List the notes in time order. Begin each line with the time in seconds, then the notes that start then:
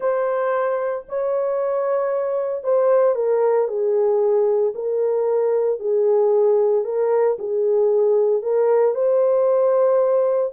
0.00 C5
1.08 C#5
2.63 C5
3.15 A#4
3.68 G#4
4.74 A#4
5.79 G#4
6.84 A#4
7.39 G#4
8.42 A#4
8.94 C5